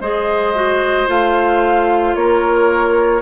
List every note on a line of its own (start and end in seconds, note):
0.00 1.07 G#3
0.00 0.55 G#4
0.00 2.15 C5
0.00 1.09 D#5
0.55 1.07 F#4
1.07 2.15 A3
1.07 3.21 F4
1.07 2.15 F5
2.15 3.22 A#3
2.15 3.22 A#4
2.15 3.22 C#5